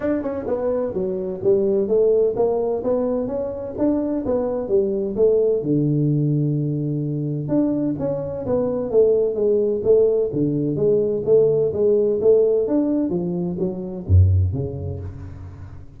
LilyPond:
\new Staff \with { instrumentName = "tuba" } { \time 4/4 \tempo 4 = 128 d'8 cis'8 b4 fis4 g4 | a4 ais4 b4 cis'4 | d'4 b4 g4 a4 | d1 |
d'4 cis'4 b4 a4 | gis4 a4 d4 gis4 | a4 gis4 a4 d'4 | f4 fis4 fis,4 cis4 | }